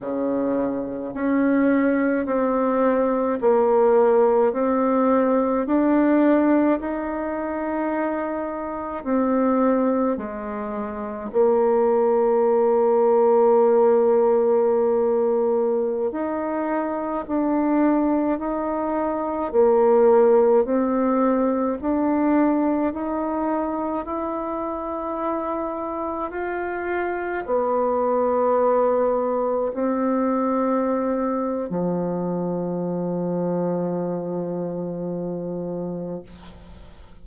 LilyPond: \new Staff \with { instrumentName = "bassoon" } { \time 4/4 \tempo 4 = 53 cis4 cis'4 c'4 ais4 | c'4 d'4 dis'2 | c'4 gis4 ais2~ | ais2~ ais16 dis'4 d'8.~ |
d'16 dis'4 ais4 c'4 d'8.~ | d'16 dis'4 e'2 f'8.~ | f'16 b2 c'4.~ c'16 | f1 | }